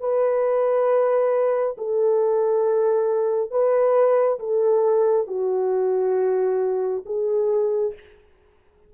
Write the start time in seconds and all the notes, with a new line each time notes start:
0.00 B4
1.78 A4
3.51 B4
4.40 A4
5.27 F#4
7.06 G#4